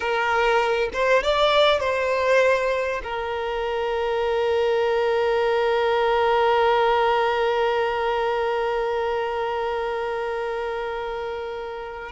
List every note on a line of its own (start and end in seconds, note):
0.00 0.89 A#4
0.93 1.23 C5
1.23 1.80 D5
1.80 3.01 C5
3.03 12.11 A#4